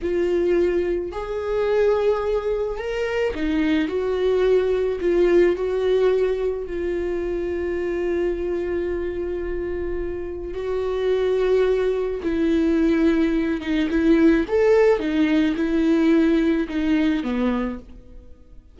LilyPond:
\new Staff \with { instrumentName = "viola" } { \time 4/4 \tempo 4 = 108 f'2 gis'2~ | gis'4 ais'4 dis'4 fis'4~ | fis'4 f'4 fis'2 | f'1~ |
f'2. fis'4~ | fis'2 e'2~ | e'8 dis'8 e'4 a'4 dis'4 | e'2 dis'4 b4 | }